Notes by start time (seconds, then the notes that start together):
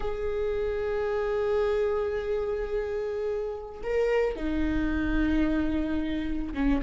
0.00 G#4
3.83 A#4
4.36 D#4
6.54 C#4